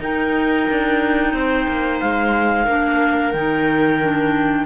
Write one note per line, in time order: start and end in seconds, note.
0.00 0.67 D#4
0.00 2.68 D#4
0.00 1.34 A#4
0.00 2.00 G5
0.70 1.34 D4
1.34 1.67 C4
1.34 2.65 C5
1.68 2.02 A#3
2.00 2.67 G#3
2.00 3.33 F5
2.65 3.34 A#3
2.65 3.34 D4
2.65 4.65 A#4
3.33 4.67 D#3
3.33 4.02 D#4
3.33 4.66 G5
4.02 4.67 D4